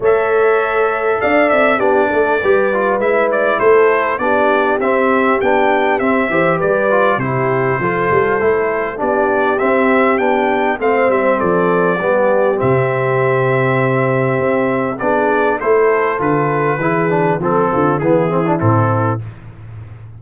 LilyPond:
<<
  \new Staff \with { instrumentName = "trumpet" } { \time 4/4 \tempo 4 = 100 e''2 f''8 e''8 d''4~ | d''4 e''8 d''8 c''4 d''4 | e''4 g''4 e''4 d''4 | c''2. d''4 |
e''4 g''4 f''8 e''8 d''4~ | d''4 e''2.~ | e''4 d''4 c''4 b'4~ | b'4 a'4 gis'4 a'4 | }
  \new Staff \with { instrumentName = "horn" } { \time 4/4 cis''2 d''4 g'8 a'8 | b'2 a'4 g'4~ | g'2~ g'8 c''8 b'4 | g'4 a'2 g'4~ |
g'2 c''4 a'4 | g'1~ | g'4 gis'4 a'2 | gis'4 a'8 f'8 e'2 | }
  \new Staff \with { instrumentName = "trombone" } { \time 4/4 a'2. d'4 | g'8 f'8 e'2 d'4 | c'4 d'4 c'8 g'4 f'8 | e'4 f'4 e'4 d'4 |
c'4 d'4 c'2 | b4 c'2.~ | c'4 d'4 e'4 f'4 | e'8 d'8 c'4 b8 c'16 d'16 c'4 | }
  \new Staff \with { instrumentName = "tuba" } { \time 4/4 a2 d'8 c'8 b8 a8 | g4 gis4 a4 b4 | c'4 b4 c'8 e8 g4 | c4 f8 g8 a4 b4 |
c'4 b4 a8 g8 f4 | g4 c2. | c'4 b4 a4 d4 | e4 f8 d8 e4 a,4 | }
>>